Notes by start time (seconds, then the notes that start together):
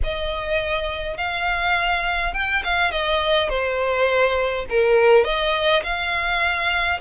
0.03 D#5
1.17 F5
2.33 G5
2.63 F5
2.91 D#5
3.49 C5
4.69 A#4
5.24 D#5
5.83 F5